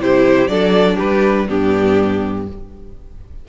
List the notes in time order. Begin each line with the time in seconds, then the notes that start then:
0.00 C3 E4 G4 C5
0.48 F#3 D4 A4 D5
0.96 G3 G4 B4
1.48 G2 B3 D4 G4